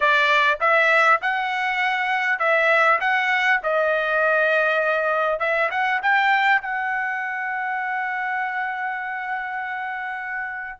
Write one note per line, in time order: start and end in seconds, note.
0.00 0.58 D5
0.60 1.20 E5
1.21 2.39 F#5
2.39 2.99 E5
3.00 3.60 F#5
3.63 5.39 D#5
5.39 5.69 E5
5.70 6.00 F#5
6.02 6.61 G5
6.61 10.79 F#5